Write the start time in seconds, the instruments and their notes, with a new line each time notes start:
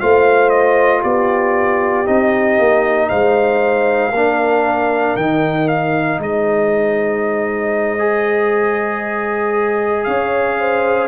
0.00 tuba A3, trombone F4, horn C5, trumpet F5
0.50 trumpet D#5
1.01 tuba B3, horn G4, trumpet D5
2.06 tuba C4, trombone D#4, trumpet D#5
2.59 tuba A#3
3.09 tuba G#3, horn C5, trumpet F5
4.12 tuba A#3, trombone D4, horn A#4
5.16 tuba D#3, trombone D#4, trumpet G5
5.68 trumpet F5
6.19 tuba G#3, horn C5, trumpet D#5
7.99 trombone G#4
10.04 tuba C#4, horn C#5, trumpet F5
10.59 horn C5